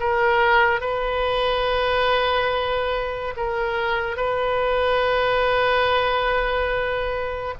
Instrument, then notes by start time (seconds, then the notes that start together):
oboe
0.00 A#4
0.81 B4
3.37 A#4
4.17 B4